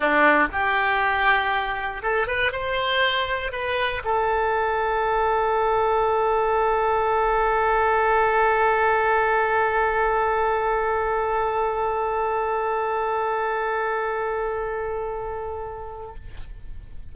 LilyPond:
\new Staff \with { instrumentName = "oboe" } { \time 4/4 \tempo 4 = 119 d'4 g'2. | a'8 b'8 c''2 b'4 | a'1~ | a'1~ |
a'1~ | a'1~ | a'1~ | a'1 | }